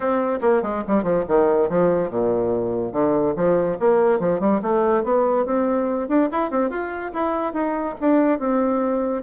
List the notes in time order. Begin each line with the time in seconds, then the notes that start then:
0.00 C4
0.41 A#3
0.62 G#3
0.87 G3
1.03 F3
1.27 D#3
1.69 F3
2.10 A#2
2.92 D3
3.35 F3
3.79 A#3
4.19 F3
4.40 G3
4.62 A3
5.03 B3
5.45 C4
6.08 D4
6.31 E4
6.51 C4
6.70 F4
7.13 E4
7.53 D#4
8.00 D4
8.39 C4